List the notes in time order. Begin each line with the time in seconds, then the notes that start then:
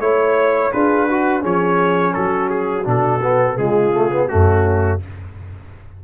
0.00 A3 E4 C#5
0.72 D4 F4 G#4 B4
1.08 F#4
1.41 F3 C#4 G#4 C#5
2.14 F#3 F#4 A4
2.50 G#4
2.85 B2 D4 A4
3.22 B3
3.57 C#3 G#3 F4 G#4
3.93 A3
4.11 B3
4.28 F#2 A3 C#4 F#4